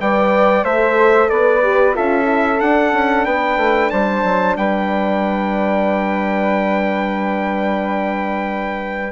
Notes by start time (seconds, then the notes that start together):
0.00 G3 B4 D5 G5
0.64 A3 A4 C5 E5
1.29 B3 B4 D5
1.63 G4
1.94 C#4 F4 A4 E5
2.24 E4
2.60 D4 F#5
2.93 C#4
3.25 B3 B4 G5
3.57 A3
3.90 G3 C5 A5
4.24 F#3
4.56 G3 B4 G5